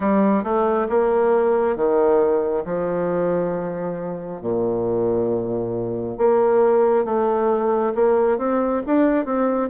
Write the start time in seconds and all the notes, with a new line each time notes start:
0.00 G3
0.43 A3
0.89 A#3
1.76 D#3
2.64 F3
4.41 A#2
6.17 A#3
7.05 A3
7.94 A#3
8.38 C4
8.86 D4
9.25 C4